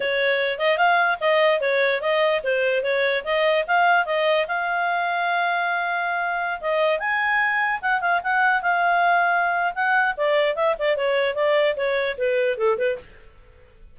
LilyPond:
\new Staff \with { instrumentName = "clarinet" } { \time 4/4 \tempo 4 = 148 cis''4. dis''8 f''4 dis''4 | cis''4 dis''4 c''4 cis''4 | dis''4 f''4 dis''4 f''4~ | f''1~ |
f''16 dis''4 gis''2 fis''8 f''16~ | f''16 fis''4 f''2~ f''8. | fis''4 d''4 e''8 d''8 cis''4 | d''4 cis''4 b'4 a'8 b'8 | }